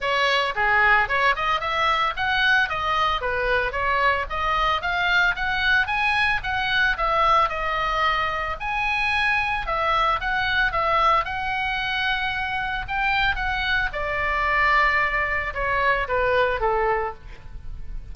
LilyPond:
\new Staff \with { instrumentName = "oboe" } { \time 4/4 \tempo 4 = 112 cis''4 gis'4 cis''8 dis''8 e''4 | fis''4 dis''4 b'4 cis''4 | dis''4 f''4 fis''4 gis''4 | fis''4 e''4 dis''2 |
gis''2 e''4 fis''4 | e''4 fis''2. | g''4 fis''4 d''2~ | d''4 cis''4 b'4 a'4 | }